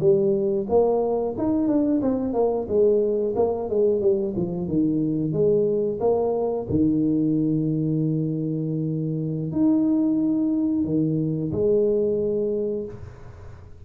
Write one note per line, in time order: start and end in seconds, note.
0.00 0.67 G3
0.69 1.36 A#3
1.38 1.68 D#4
1.68 2.01 D4
2.02 2.34 C4
2.34 2.67 A#3
2.68 3.35 G#3
3.36 3.69 A#3
3.70 4.01 G#3
4.01 4.34 G3
4.36 4.68 F3
4.68 5.33 D#3
5.33 5.99 G#3
6.00 6.67 A#3
6.70 9.52 D#3
9.52 10.85 D#4
10.85 11.52 D#3
11.52 12.85 G#3